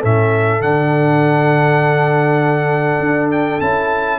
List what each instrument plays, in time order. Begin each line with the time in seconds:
0.00 tuba A2, trombone C#4, horn A4, trumpet E5
0.61 tuba D3, trombone D4, trumpet F#5
3.00 tuba D4
3.32 trumpet G5
3.61 tuba C#4, trombone E4, trumpet A5